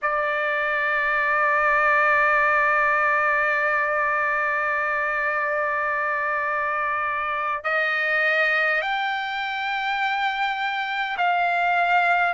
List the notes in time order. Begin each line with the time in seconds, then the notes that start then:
0.02 D5
7.64 D#5
8.81 G5
11.17 F5